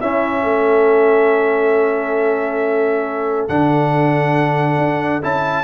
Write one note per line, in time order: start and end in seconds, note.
0.00 3.49 C#4
0.00 0.44 C#4
0.00 0.43 E4
0.00 3.48 E5
0.43 3.48 A3
0.43 5.64 A4
3.48 4.78 D3
3.48 5.22 D4
3.48 5.22 F#5
4.78 5.21 D4
5.22 5.64 C#4
5.22 5.64 E4
5.22 5.64 A5